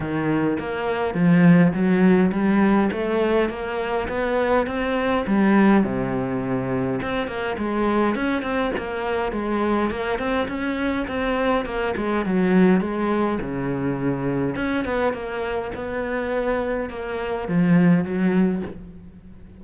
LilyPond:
\new Staff \with { instrumentName = "cello" } { \time 4/4 \tempo 4 = 103 dis4 ais4 f4 fis4 | g4 a4 ais4 b4 | c'4 g4 c2 | c'8 ais8 gis4 cis'8 c'8 ais4 |
gis4 ais8 c'8 cis'4 c'4 | ais8 gis8 fis4 gis4 cis4~ | cis4 cis'8 b8 ais4 b4~ | b4 ais4 f4 fis4 | }